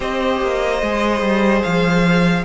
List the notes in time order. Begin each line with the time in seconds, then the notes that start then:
0.00 C4 G4 C5 D#5
0.41 A#3
0.82 G#3 G#4
1.21 G3
1.62 F3 F5